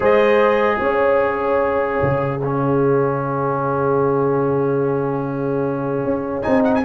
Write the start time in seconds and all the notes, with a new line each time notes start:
0.00 G#3 G#4 C5 D#5
0.79 C#4 C#5 F5
2.02 C#3
2.41 C#4 G#4
6.04 C#4
6.42 C4 D#4 G#5
6.64 F#5
6.74 G#5